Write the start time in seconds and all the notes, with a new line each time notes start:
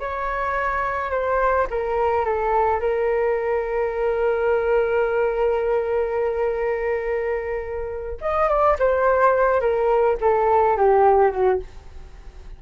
0.00 C#5
1.11 C5
1.70 A#4
2.25 A4
2.80 A#4
8.21 D#5
8.49 D5
8.79 C5
9.61 A#4
10.21 A4
10.77 G4
11.32 F#4